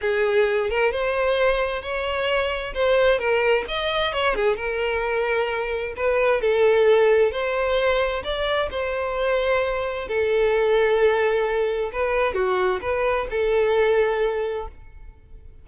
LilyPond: \new Staff \with { instrumentName = "violin" } { \time 4/4 \tempo 4 = 131 gis'4. ais'8 c''2 | cis''2 c''4 ais'4 | dis''4 cis''8 gis'8 ais'2~ | ais'4 b'4 a'2 |
c''2 d''4 c''4~ | c''2 a'2~ | a'2 b'4 fis'4 | b'4 a'2. | }